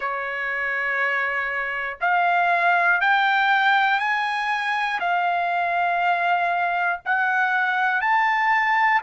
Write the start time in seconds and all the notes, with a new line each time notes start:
0.00 C#5
2.00 F5
3.00 G5
4.00 G#5
5.00 F5
7.05 F#5
8.01 A5